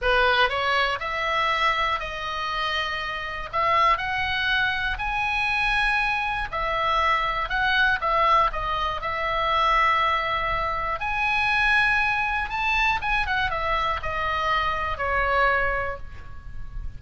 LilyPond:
\new Staff \with { instrumentName = "oboe" } { \time 4/4 \tempo 4 = 120 b'4 cis''4 e''2 | dis''2. e''4 | fis''2 gis''2~ | gis''4 e''2 fis''4 |
e''4 dis''4 e''2~ | e''2 gis''2~ | gis''4 a''4 gis''8 fis''8 e''4 | dis''2 cis''2 | }